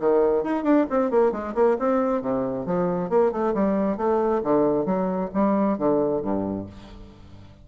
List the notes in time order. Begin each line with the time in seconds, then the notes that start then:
0.00 D#3
0.43 D#4
0.63 D4
0.90 C4
1.11 A#3
1.32 G#3
1.55 A#3
1.79 C4
2.22 C3
2.66 F3
3.09 A#3
3.32 A3
3.54 G3
3.97 A3
4.43 D3
4.86 F#3
5.34 G3
5.78 D3
6.22 G2